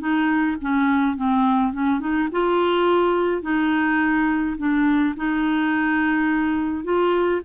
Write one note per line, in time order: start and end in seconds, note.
0.00 0.57 D#4
0.62 1.17 C#4
1.17 1.74 C4
1.74 2.01 C#4
2.01 2.29 D#4
2.32 3.43 F4
3.43 4.57 D#4
4.58 5.15 D4
5.17 6.84 D#4
6.84 7.42 F4